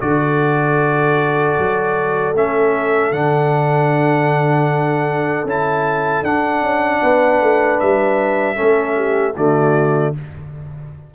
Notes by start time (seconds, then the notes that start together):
0.00 D3 F#4 A4 D5
1.58 F#3
2.33 A3 C#4 E5
3.11 D3 D4 F#5
5.44 C#4 E4 A5
6.23 D4 F#5
6.62 C#4
7.01 B3 B4
7.41 A3
7.79 G3 E5
8.55 A3 C#4 A4
8.96 G4
9.36 D3 A3 F#4 D5